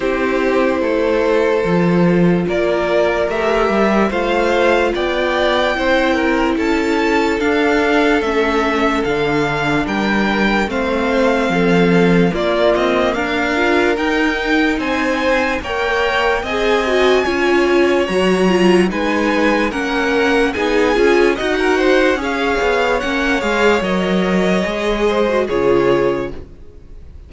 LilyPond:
<<
  \new Staff \with { instrumentName = "violin" } { \time 4/4 \tempo 4 = 73 c''2. d''4 | e''4 f''4 g''2 | a''4 f''4 e''4 f''4 | g''4 f''2 d''8 dis''8 |
f''4 g''4 gis''4 g''4 | gis''2 ais''4 gis''4 | fis''4 gis''4 fis''4 f''4 | fis''8 f''8 dis''2 cis''4 | }
  \new Staff \with { instrumentName = "violin" } { \time 4/4 g'4 a'2 ais'4~ | ais'4 c''4 d''4 c''8 ais'8 | a'1 | ais'4 c''4 a'4 f'4 |
ais'2 c''4 cis''4 | dis''4 cis''2 b'4 | ais'4 gis'4 dis''16 ais'16 c''8 cis''4~ | cis''2~ cis''8 c''8 gis'4 | }
  \new Staff \with { instrumentName = "viola" } { \time 4/4 e'2 f'2 | g'4 f'2 e'4~ | e'4 d'4 cis'4 d'4~ | d'4 c'2 ais4~ |
ais8 f'8 dis'2 ais'4 | gis'8 fis'8 f'4 fis'8 f'8 dis'4 | cis'4 dis'8 f'8 fis'4 gis'4 | cis'8 gis'8 ais'4 gis'8. fis'16 f'4 | }
  \new Staff \with { instrumentName = "cello" } { \time 4/4 c'4 a4 f4 ais4 | a8 g8 a4 b4 c'4 | cis'4 d'4 a4 d4 | g4 a4 f4 ais8 c'8 |
d'4 dis'4 c'4 ais4 | c'4 cis'4 fis4 gis4 | ais4 b8 cis'8 dis'4 cis'8 b8 | ais8 gis8 fis4 gis4 cis4 | }
>>